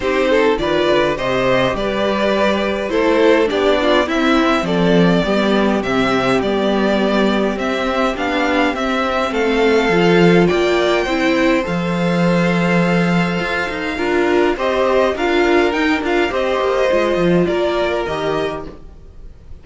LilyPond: <<
  \new Staff \with { instrumentName = "violin" } { \time 4/4 \tempo 4 = 103 c''4 d''4 dis''4 d''4~ | d''4 c''4 d''4 e''4 | d''2 e''4 d''4~ | d''4 e''4 f''4 e''4 |
f''2 g''2 | f''1~ | f''4 dis''4 f''4 g''8 f''8 | dis''2 d''4 dis''4 | }
  \new Staff \with { instrumentName = "violin" } { \time 4/4 g'8 a'8 b'4 c''4 b'4~ | b'4 a'4 g'8 f'8 e'4 | a'4 g'2.~ | g'1 |
a'2 d''4 c''4~ | c''1 | ais'4 c''4 ais'2 | c''2 ais'2 | }
  \new Staff \with { instrumentName = "viola" } { \time 4/4 dis'4 f'4 g'2~ | g'4 e'4 d'4 c'4~ | c'4 b4 c'4 b4~ | b4 c'4 d'4 c'4~ |
c'4 f'2 e'4 | a'1 | f'4 g'4 f'4 dis'8 f'8 | g'4 f'2 g'4 | }
  \new Staff \with { instrumentName = "cello" } { \time 4/4 c'4 dis8 d8 c4 g4~ | g4 a4 b4 c'4 | f4 g4 c4 g4~ | g4 c'4 b4 c'4 |
a4 f4 ais4 c'4 | f2. f'8 dis'8 | d'4 c'4 d'4 dis'8 d'8 | c'8 ais8 gis8 f8 ais4 dis4 | }
>>